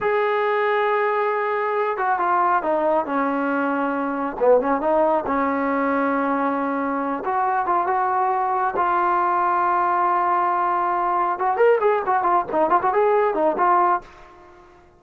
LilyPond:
\new Staff \with { instrumentName = "trombone" } { \time 4/4 \tempo 4 = 137 gis'1~ | gis'8 fis'8 f'4 dis'4 cis'4~ | cis'2 b8 cis'8 dis'4 | cis'1~ |
cis'8 fis'4 f'8 fis'2 | f'1~ | f'2 fis'8 ais'8 gis'8 fis'8 | f'8 dis'8 f'16 fis'16 gis'4 dis'8 f'4 | }